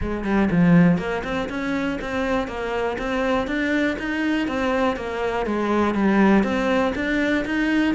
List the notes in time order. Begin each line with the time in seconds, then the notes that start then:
0.01 G#3
0.24 G3
0.50 F3
0.98 A#3
1.24 C4
1.49 C#4
2.01 C4
2.47 A#3
2.98 C4
3.47 D4
3.98 D#4
4.47 C4
4.96 A#3
5.45 G#3
5.94 G3
6.43 C4
6.95 D4
7.45 D#4